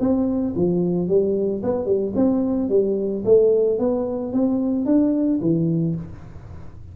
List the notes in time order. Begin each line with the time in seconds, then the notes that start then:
0.00 C4
0.56 F3
1.08 G3
1.63 B3
1.86 G3
2.15 C4
2.69 G3
3.25 A3
3.79 B3
4.33 C4
4.86 D4
5.41 E3